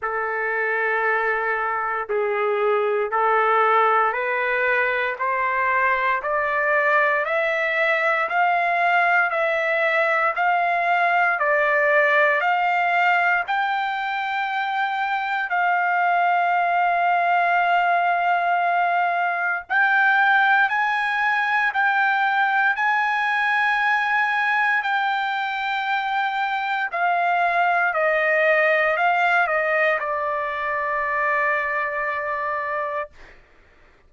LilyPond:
\new Staff \with { instrumentName = "trumpet" } { \time 4/4 \tempo 4 = 58 a'2 gis'4 a'4 | b'4 c''4 d''4 e''4 | f''4 e''4 f''4 d''4 | f''4 g''2 f''4~ |
f''2. g''4 | gis''4 g''4 gis''2 | g''2 f''4 dis''4 | f''8 dis''8 d''2. | }